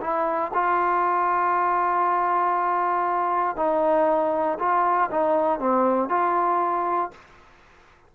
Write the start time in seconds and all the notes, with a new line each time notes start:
0.00 E4
0.53 F4
3.56 D#4
4.58 F4
5.11 D#4
5.59 C4
6.09 F4